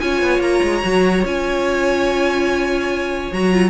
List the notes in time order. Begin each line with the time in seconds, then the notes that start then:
0.00 C#4 F4 C#5 G#5
0.22 B3
0.39 A#3 A#5
0.63 G#3
0.82 F#3 F#4
1.25 C#4 F4 G#5
3.32 F#3 F#4 A#5
3.53 F4